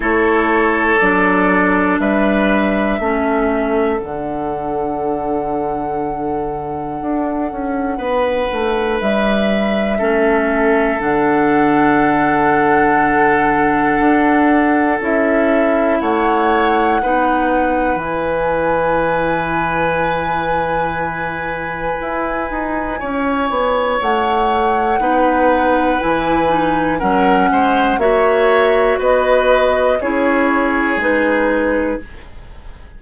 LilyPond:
<<
  \new Staff \with { instrumentName = "flute" } { \time 4/4 \tempo 4 = 60 cis''4 d''4 e''2 | fis''1~ | fis''4 e''2 fis''4~ | fis''2. e''4 |
fis''2 gis''2~ | gis''1 | fis''2 gis''4 fis''4 | e''4 dis''4 cis''4 b'4 | }
  \new Staff \with { instrumentName = "oboe" } { \time 4/4 a'2 b'4 a'4~ | a'1 | b'2 a'2~ | a'1 |
cis''4 b'2.~ | b'2. cis''4~ | cis''4 b'2 ais'8 c''8 | cis''4 b'4 gis'2 | }
  \new Staff \with { instrumentName = "clarinet" } { \time 4/4 e'4 d'2 cis'4 | d'1~ | d'2 cis'4 d'4~ | d'2. e'4~ |
e'4 dis'4 e'2~ | e'1~ | e'4 dis'4 e'8 dis'8 cis'4 | fis'2 e'4 dis'4 | }
  \new Staff \with { instrumentName = "bassoon" } { \time 4/4 a4 fis4 g4 a4 | d2. d'8 cis'8 | b8 a8 g4 a4 d4~ | d2 d'4 cis'4 |
a4 b4 e2~ | e2 e'8 dis'8 cis'8 b8 | a4 b4 e4 fis8 gis8 | ais4 b4 cis'4 gis4 | }
>>